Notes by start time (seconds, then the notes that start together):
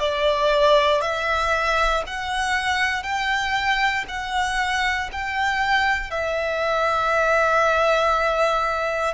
0.00 D5
1.02 E5
2.07 F#5
3.03 G5
4.09 F#5
5.13 G5
6.11 E5